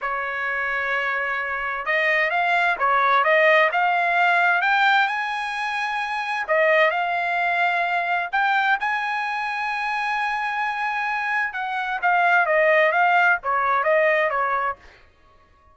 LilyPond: \new Staff \with { instrumentName = "trumpet" } { \time 4/4 \tempo 4 = 130 cis''1 | dis''4 f''4 cis''4 dis''4 | f''2 g''4 gis''4~ | gis''2 dis''4 f''4~ |
f''2 g''4 gis''4~ | gis''1~ | gis''4 fis''4 f''4 dis''4 | f''4 cis''4 dis''4 cis''4 | }